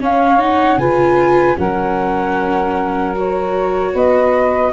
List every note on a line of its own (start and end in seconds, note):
0.00 0.77 C#4
0.00 0.39 C#4
0.00 0.79 C#5
0.00 0.41 F5
0.39 0.78 D#4
0.39 0.79 F#5
0.77 1.56 C#3
0.77 1.57 F4
0.77 1.58 B4
0.77 1.58 G#5
1.57 3.95 F#3
1.57 3.15 C#4
1.57 3.93 A#4
1.57 3.17 F#5
3.16 4.73 F#4
3.16 3.96 C#5
3.93 4.73 B3
3.93 4.72 B4
3.93 4.73 D#5